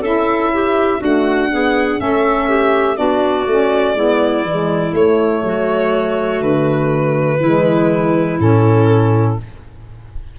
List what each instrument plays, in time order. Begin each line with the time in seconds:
0.00 tuba C#4, saxophone E4, clarinet A4, violin E5
0.53 clarinet G4
0.99 saxophone A3, tuba D4, clarinet F#4, violin F#5
1.50 saxophone B3, clarinet G#4
1.97 tuba A3, saxophone C#4, clarinet A4, violin E5
2.49 clarinet G4
2.96 tuba B3, saxophone D4, clarinet F#4, violin D5
3.46 tuba A3, saxophone C#4
3.95 tuba G#3, saxophone B3, clarinet E4
4.43 tuba E3, saxophone G#3
4.93 saxophone A3, tuba A3, violin C#5
5.43 tuba F#3, clarinet F#4
6.41 tuba D3, violin B4
7.40 tuba E3, saxophone G#3, clarinet E4
8.39 tuba A2, saxophone C#4, violin A4